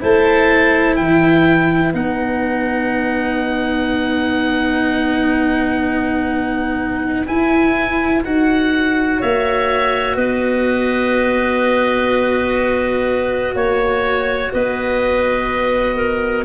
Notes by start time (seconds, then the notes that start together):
0.00 A3 E4 C5 A5
0.96 E3 B4 G5
1.93 B3 D#4 F#5
7.26 E4 G#5
8.24 D#4 F#4 F#5
9.19 A#3 C#5 E5
10.15 B3 B4 D#5
13.54 A#3 C#5
14.52 B3 B4 D#5
15.96 A#4